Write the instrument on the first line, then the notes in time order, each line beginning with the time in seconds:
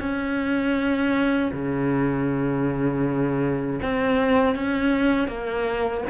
cello
0.00 C#4
1.53 C#3
3.83 C4
4.56 C#4
5.28 A#3